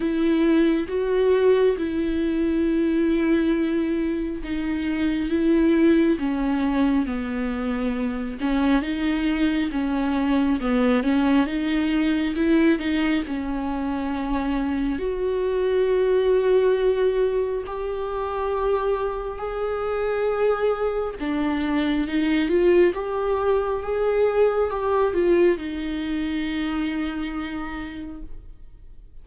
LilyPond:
\new Staff \with { instrumentName = "viola" } { \time 4/4 \tempo 4 = 68 e'4 fis'4 e'2~ | e'4 dis'4 e'4 cis'4 | b4. cis'8 dis'4 cis'4 | b8 cis'8 dis'4 e'8 dis'8 cis'4~ |
cis'4 fis'2. | g'2 gis'2 | d'4 dis'8 f'8 g'4 gis'4 | g'8 f'8 dis'2. | }